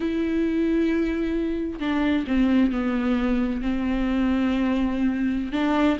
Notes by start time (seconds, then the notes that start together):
0.00 E4
1.79 D4
2.27 C4
2.71 B3
3.61 C4
5.52 D4